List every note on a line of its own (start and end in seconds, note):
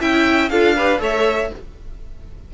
0.00 0.51 C#4
0.00 0.50 E4
0.00 0.51 E5
0.00 0.49 G5
0.49 1.00 D4
0.49 0.77 F4
0.49 0.76 A4
0.49 1.00 F5
0.76 0.98 G4
0.76 1.01 B4
0.98 1.50 A3
0.98 1.49 A4
0.98 1.52 C#5
0.98 1.54 E5